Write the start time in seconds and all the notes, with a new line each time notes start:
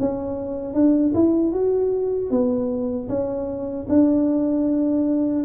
0.00 C#4
0.74 D4
1.15 E4
1.53 F#4
2.31 B3
3.09 C#4
3.89 D4